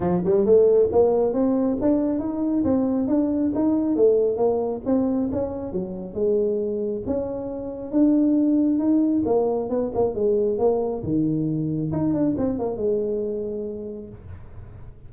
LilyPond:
\new Staff \with { instrumentName = "tuba" } { \time 4/4 \tempo 4 = 136 f8 g8 a4 ais4 c'4 | d'4 dis'4 c'4 d'4 | dis'4 a4 ais4 c'4 | cis'4 fis4 gis2 |
cis'2 d'2 | dis'4 ais4 b8 ais8 gis4 | ais4 dis2 dis'8 d'8 | c'8 ais8 gis2. | }